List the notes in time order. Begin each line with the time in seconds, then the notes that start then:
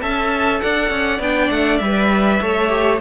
0.00 C#4 A4 E5 A5
0.61 D4 D5 F#5
0.90 C#4
1.20 B3 D4 G5
1.50 A3 F#5
1.78 G3 E5
1.85 B4
2.42 A3 A4 C#5
2.69 G4